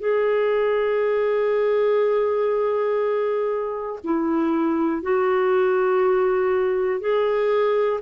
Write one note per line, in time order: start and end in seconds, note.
0.00 4.00 G#4
4.04 5.02 E4
5.02 7.00 F#4
7.00 8.00 G#4